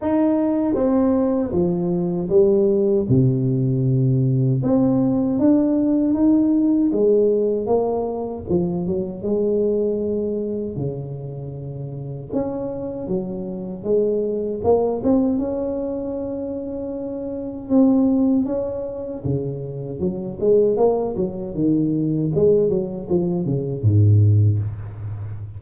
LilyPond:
\new Staff \with { instrumentName = "tuba" } { \time 4/4 \tempo 4 = 78 dis'4 c'4 f4 g4 | c2 c'4 d'4 | dis'4 gis4 ais4 f8 fis8 | gis2 cis2 |
cis'4 fis4 gis4 ais8 c'8 | cis'2. c'4 | cis'4 cis4 fis8 gis8 ais8 fis8 | dis4 gis8 fis8 f8 cis8 gis,4 | }